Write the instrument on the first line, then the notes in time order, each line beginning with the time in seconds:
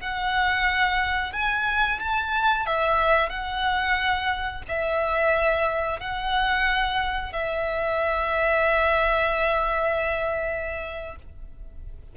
violin
0.00 F#5
1.33 G#5
1.99 A5
2.66 E5
3.29 F#5
4.68 E5
6.00 F#5
7.32 E5